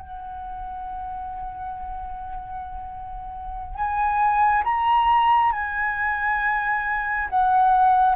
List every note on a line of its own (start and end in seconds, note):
0.00 3.75 F#5
3.75 4.63 G#5
4.64 5.52 A#5
5.52 7.29 G#5
7.30 8.15 F#5